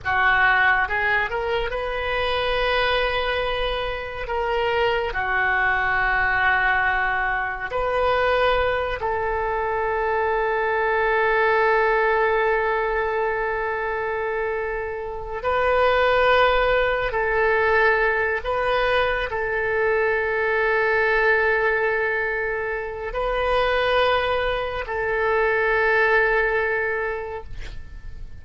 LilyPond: \new Staff \with { instrumentName = "oboe" } { \time 4/4 \tempo 4 = 70 fis'4 gis'8 ais'8 b'2~ | b'4 ais'4 fis'2~ | fis'4 b'4. a'4.~ | a'1~ |
a'2 b'2 | a'4. b'4 a'4.~ | a'2. b'4~ | b'4 a'2. | }